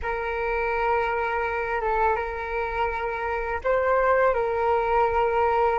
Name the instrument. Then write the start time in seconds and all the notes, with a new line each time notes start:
flute
0.02 A#4
1.81 A4
2.16 A#4
3.63 C5
4.34 A#4